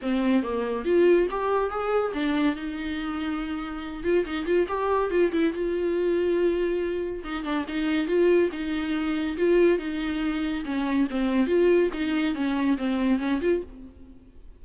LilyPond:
\new Staff \with { instrumentName = "viola" } { \time 4/4 \tempo 4 = 141 c'4 ais4 f'4 g'4 | gis'4 d'4 dis'2~ | dis'4. f'8 dis'8 f'8 g'4 | f'8 e'8 f'2.~ |
f'4 dis'8 d'8 dis'4 f'4 | dis'2 f'4 dis'4~ | dis'4 cis'4 c'4 f'4 | dis'4 cis'4 c'4 cis'8 f'8 | }